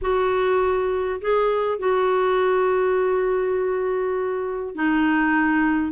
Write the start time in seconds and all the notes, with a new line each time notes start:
0.01 F#4
1.21 G#4
1.78 F#4
4.75 D#4